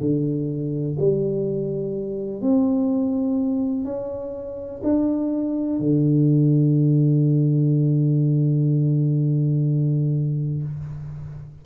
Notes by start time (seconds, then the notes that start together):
0.00 D3
0.99 G3
2.41 C4
3.84 C#4
4.83 D4
5.79 D3